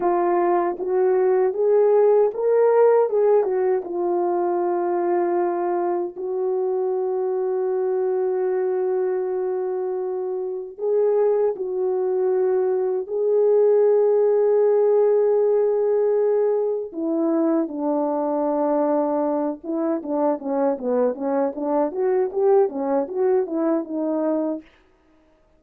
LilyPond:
\new Staff \with { instrumentName = "horn" } { \time 4/4 \tempo 4 = 78 f'4 fis'4 gis'4 ais'4 | gis'8 fis'8 f'2. | fis'1~ | fis'2 gis'4 fis'4~ |
fis'4 gis'2.~ | gis'2 e'4 d'4~ | d'4. e'8 d'8 cis'8 b8 cis'8 | d'8 fis'8 g'8 cis'8 fis'8 e'8 dis'4 | }